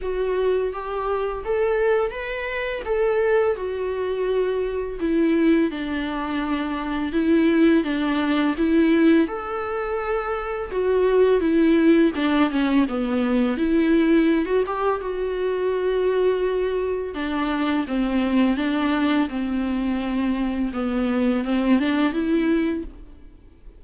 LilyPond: \new Staff \with { instrumentName = "viola" } { \time 4/4 \tempo 4 = 84 fis'4 g'4 a'4 b'4 | a'4 fis'2 e'4 | d'2 e'4 d'4 | e'4 a'2 fis'4 |
e'4 d'8 cis'8 b4 e'4~ | e'16 fis'16 g'8 fis'2. | d'4 c'4 d'4 c'4~ | c'4 b4 c'8 d'8 e'4 | }